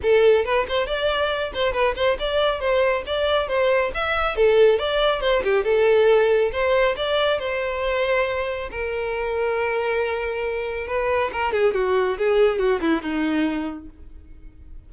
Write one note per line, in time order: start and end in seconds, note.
0.02 0.44 A4
0.44 0.66 B4
0.68 0.87 C5
0.87 1.52 D5
1.54 1.73 C5
1.73 1.94 B4
1.95 2.17 C5
2.19 2.59 D5
2.59 3.03 C5
3.06 3.48 D5
3.48 3.91 C5
3.94 4.36 E5
4.36 4.78 A4
4.78 5.21 D5
5.21 5.42 C5
5.43 5.64 G4
5.64 6.51 A4
6.52 6.95 C5
6.96 7.39 D5
7.39 8.69 C5
8.70 10.87 A#4
10.87 11.30 B4
11.32 11.52 A#4
11.52 11.74 G#4
11.74 12.17 F#4
12.18 12.58 G#4
12.58 12.80 F#4
12.80 13.01 E4
13.01 13.88 D#4